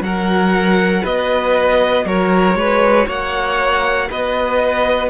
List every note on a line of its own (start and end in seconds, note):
0.00 1.02 F#3
0.00 5.10 F#4
0.00 1.02 A#4
0.00 1.05 F#5
1.02 2.05 B3
1.02 2.04 B4
1.02 2.06 D#5
2.05 2.54 F#3
2.05 2.58 A#4
2.05 3.08 C#5
2.54 3.05 G#3
2.54 3.06 B4
3.06 4.08 A#3
3.06 4.08 C#5
3.06 4.10 F#5
4.10 5.10 B3
4.10 5.10 B4
4.10 5.10 D#5